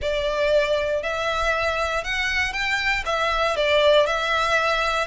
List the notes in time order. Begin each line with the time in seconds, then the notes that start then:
0.01 D5
1.03 E5
2.03 F#5
2.52 G5
3.05 E5
3.56 D5
4.06 E5